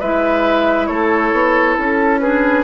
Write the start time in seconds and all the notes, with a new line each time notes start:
0.00 G#3 E4 B4 E5
0.87 A3 A4 C#5
1.33 B3
1.75 C#4 A4
2.19 D4 G#4 B4